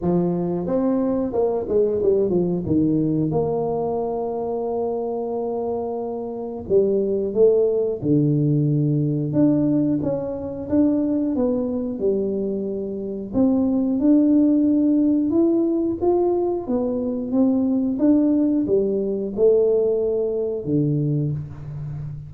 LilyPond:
\new Staff \with { instrumentName = "tuba" } { \time 4/4 \tempo 4 = 90 f4 c'4 ais8 gis8 g8 f8 | dis4 ais2.~ | ais2 g4 a4 | d2 d'4 cis'4 |
d'4 b4 g2 | c'4 d'2 e'4 | f'4 b4 c'4 d'4 | g4 a2 d4 | }